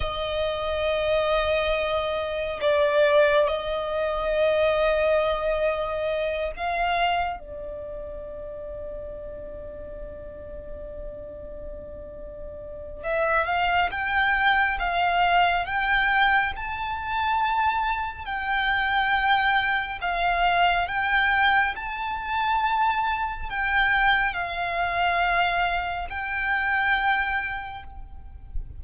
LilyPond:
\new Staff \with { instrumentName = "violin" } { \time 4/4 \tempo 4 = 69 dis''2. d''4 | dis''2.~ dis''8 f''8~ | f''8 d''2.~ d''8~ | d''2. e''8 f''8 |
g''4 f''4 g''4 a''4~ | a''4 g''2 f''4 | g''4 a''2 g''4 | f''2 g''2 | }